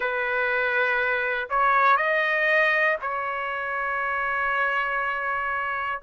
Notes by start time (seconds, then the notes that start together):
0.00 B4
1.50 C#5
1.96 D#5
3.01 C#5